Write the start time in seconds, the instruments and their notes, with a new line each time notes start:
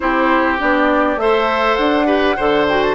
0.00 bassoon C4, clarinet E4, oboe G4, flute C5
0.58 bassoon B3, clarinet D4, flute D5
1.16 bassoon A3, clarinet A4, oboe C5, flute E5
1.75 bassoon D4, flute F#5
2.06 clarinet G4, oboe B4
2.36 bassoon D3, clarinet A4, oboe C5
2.68 clarinet F#4, flute G5
2.82 flute A5